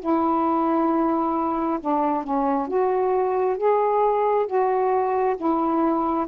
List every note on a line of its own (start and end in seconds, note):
0.00 1.79 E4
1.80 2.23 D4
2.23 2.67 C#4
2.67 3.57 F#4
3.57 4.47 G#4
4.47 5.36 F#4
5.36 6.26 E4